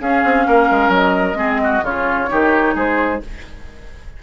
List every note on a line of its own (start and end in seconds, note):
0.00 0.23 C#4
0.00 1.35 C#4
0.00 0.47 G#4
0.00 0.93 F5
0.24 0.46 C4
0.47 0.70 A#3
0.47 1.38 A#4
0.71 0.89 G#3
0.89 1.33 F#3
0.89 1.85 D#5
1.33 1.79 G#3
1.33 1.81 C4
1.33 1.61 G#4
1.63 1.84 F#4
1.83 2.29 C#3
1.83 2.28 C#4
1.83 2.30 F4
1.83 2.77 C#5
2.28 2.75 D#3
2.28 3.20 D#4
2.28 2.75 G4
2.75 3.21 G#3
2.75 3.20 G#4
2.75 3.23 C5